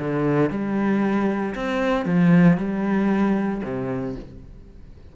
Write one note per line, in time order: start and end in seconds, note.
0.00 0.50 D3
0.50 1.55 G3
1.55 2.06 C4
2.06 2.58 F3
2.58 3.62 G3
3.63 4.15 C3